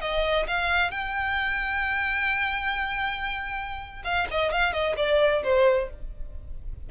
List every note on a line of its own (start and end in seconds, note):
0.00 0.46 D#5
0.47 0.91 F5
0.91 4.02 G5
4.04 4.27 F5
4.31 4.51 D#5
4.51 4.72 F5
4.72 4.96 D#5
4.96 5.42 D5
5.43 5.89 C5